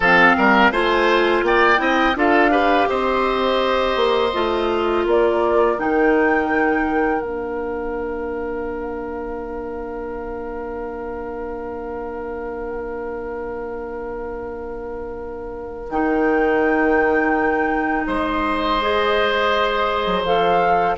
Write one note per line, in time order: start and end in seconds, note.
0.00 0.35 F3
0.00 0.72 C4
0.00 0.36 A4
0.00 0.72 F5
0.37 0.71 G3
0.37 0.72 A#4
0.71 1.42 A3
0.71 1.77 F4
0.71 1.44 C5
0.71 1.44 G#5
1.42 1.78 A#3
1.42 1.81 D5
1.42 2.17 G5
1.77 2.15 C4
1.77 2.13 E4
1.77 2.17 D#5
2.15 2.87 D4
2.15 2.50 F4
2.15 2.51 A4
2.15 2.89 F5
2.50 4.31 G4
2.50 2.87 B4
2.89 3.95 C4
2.89 5.05 C5
2.89 5.06 D#5
3.95 4.32 A#3
4.33 5.05 A3
4.33 5.77 F4
5.05 5.78 A#3
5.05 18.06 A#4
5.05 5.79 D5
5.77 7.23 D#3
5.77 7.20 D#4
5.77 7.21 G5
7.20 15.89 A#3
7.20 15.88 D4
7.20 15.89 F5
15.89 18.06 D#3
15.89 18.81 D#4
15.89 18.07 G5
18.06 20.06 G#3
18.06 20.95 C5
18.06 20.24 D#5
18.81 20.25 G#4
20.06 20.24 F#3
20.24 20.96 F3
20.24 20.97 A4
20.24 20.96 F5